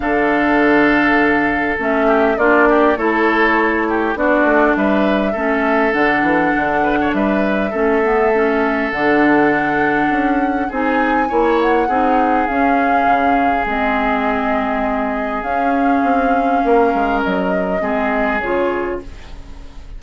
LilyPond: <<
  \new Staff \with { instrumentName = "flute" } { \time 4/4 \tempo 4 = 101 f''2. e''4 | d''4 cis''2 d''4 | e''2 fis''2 | e''2. fis''4~ |
fis''2 gis''4. fis''8~ | fis''4 f''2 dis''4~ | dis''2 f''2~ | f''4 dis''2 cis''4 | }
  \new Staff \with { instrumentName = "oboe" } { \time 4/4 a'2.~ a'8 g'8 | f'8 g'8 a'4. g'8 fis'4 | b'4 a'2~ a'8 b'16 cis''16 | b'4 a'2.~ |
a'2 gis'4 cis''4 | gis'1~ | gis'1 | ais'2 gis'2 | }
  \new Staff \with { instrumentName = "clarinet" } { \time 4/4 d'2. cis'4 | d'4 e'2 d'4~ | d'4 cis'4 d'2~ | d'4 cis'8 b8 cis'4 d'4~ |
d'2 dis'4 e'4 | dis'4 cis'2 c'4~ | c'2 cis'2~ | cis'2 c'4 f'4 | }
  \new Staff \with { instrumentName = "bassoon" } { \time 4/4 d2. a4 | ais4 a2 b8 a8 | g4 a4 d8 e8 d4 | g4 a2 d4~ |
d4 cis'4 c'4 ais4 | c'4 cis'4 cis4 gis4~ | gis2 cis'4 c'4 | ais8 gis8 fis4 gis4 cis4 | }
>>